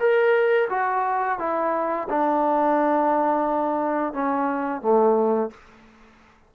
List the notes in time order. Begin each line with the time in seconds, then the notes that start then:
0.00 A#4
0.70 F#4
1.39 E4
2.09 D4
4.14 C#4
4.82 A3